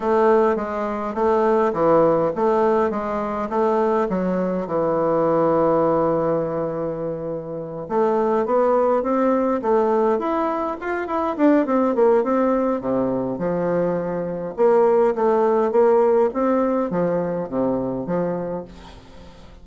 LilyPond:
\new Staff \with { instrumentName = "bassoon" } { \time 4/4 \tempo 4 = 103 a4 gis4 a4 e4 | a4 gis4 a4 fis4 | e1~ | e4. a4 b4 c'8~ |
c'8 a4 e'4 f'8 e'8 d'8 | c'8 ais8 c'4 c4 f4~ | f4 ais4 a4 ais4 | c'4 f4 c4 f4 | }